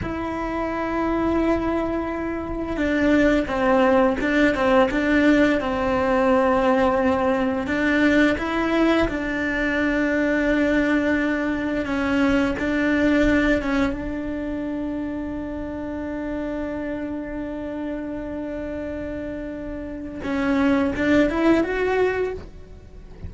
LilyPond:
\new Staff \with { instrumentName = "cello" } { \time 4/4 \tempo 4 = 86 e'1 | d'4 c'4 d'8 c'8 d'4 | c'2. d'4 | e'4 d'2.~ |
d'4 cis'4 d'4. cis'8 | d'1~ | d'1~ | d'4 cis'4 d'8 e'8 fis'4 | }